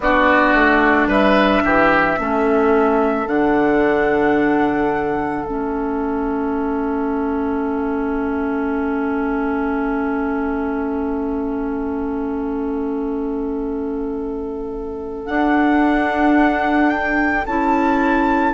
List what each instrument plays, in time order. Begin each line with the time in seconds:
0.00 bassoon B3, clarinet D4, oboe F#4, flute D5
0.54 bassoon A3
1.07 bassoon G3, oboe B4, flute E5
1.64 bassoon E3, oboe G4
2.18 bassoon A3, clarinet C#4, oboe A4
3.26 bassoon D3, clarinet D4, flute F#5
5.45 bassoon A3, clarinet C#4, flute E5
15.26 clarinet D4, bassoon D4, flute F#5
16.89 flute G5
17.46 bassoon C#4, clarinet E4, flute A5